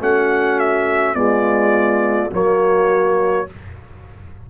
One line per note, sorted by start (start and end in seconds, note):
0.00 1.15 A3
0.00 1.15 C#4
0.00 1.16 F#4
0.00 0.59 F#5
0.59 1.15 E5
1.15 2.31 G#3
1.15 2.30 B3
1.15 2.31 F4
1.15 2.31 D5
2.31 3.48 F#3
2.31 3.47 A#3
2.31 3.46 F#4
2.31 3.50 C#5